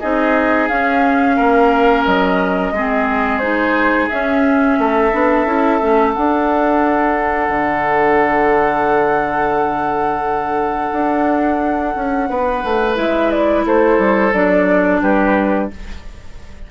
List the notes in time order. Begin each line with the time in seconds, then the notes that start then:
0.00 C4 D#4 G#4 D#5
0.69 C#4 F5
1.37 A#3 A#4
2.05 F#3 D#5
2.72 G#3 C4 G#4
3.39 D#4 C5
4.09 C#4 E5
4.79 A3 A4
5.13 B3 D4
5.46 C#4 E4
5.82 A3 C#4
6.14 D4 F#5
7.50 D3
10.93 D4
11.96 C#4
12.29 B3 B4
12.64 A3
12.96 G#3 E4 E5
13.31 D5
13.65 A3 A4 C5
13.99 G3
14.34 F#3 D4 D5
15.02 G3 G4 B4